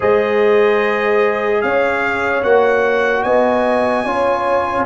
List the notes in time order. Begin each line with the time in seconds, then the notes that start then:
0.00 G#3 G#4 C5 D#5
1.61 C#4 C#5 F5
2.43 A#3 F#4 F#5
3.23 B3 D#5 G#5
4.04 C#4 F4 C#5